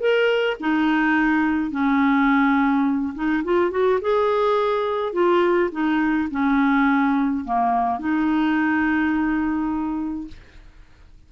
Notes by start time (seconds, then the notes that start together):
0.00 A#4
0.60 D#4
1.71 C#4
3.15 D#4
3.44 F4
3.71 F#4
4.01 G#4
5.13 F4
5.72 D#4
6.31 C#4
7.45 A#3
7.99 D#4